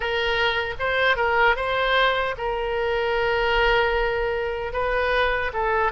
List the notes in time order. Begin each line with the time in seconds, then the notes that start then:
0.00 A#4
0.79 C5
1.16 A#4
1.56 C5
2.37 A#4
4.72 B4
5.53 A4